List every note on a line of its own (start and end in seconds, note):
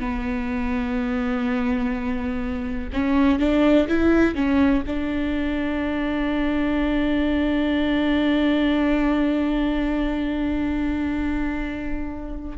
0.00 2.90 B3
2.93 3.40 C#4
3.40 3.88 D4
3.88 4.35 E4
4.35 4.83 C#4
4.87 12.59 D4